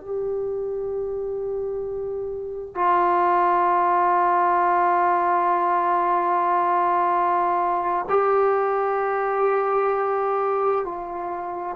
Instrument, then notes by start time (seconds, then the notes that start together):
trombone
0.00 G4
2.74 F4
8.09 G4
10.85 F4